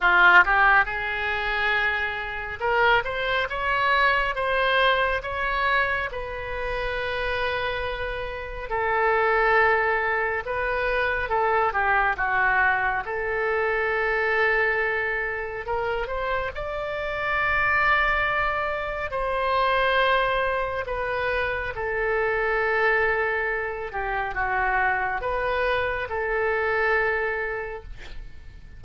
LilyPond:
\new Staff \with { instrumentName = "oboe" } { \time 4/4 \tempo 4 = 69 f'8 g'8 gis'2 ais'8 c''8 | cis''4 c''4 cis''4 b'4~ | b'2 a'2 | b'4 a'8 g'8 fis'4 a'4~ |
a'2 ais'8 c''8 d''4~ | d''2 c''2 | b'4 a'2~ a'8 g'8 | fis'4 b'4 a'2 | }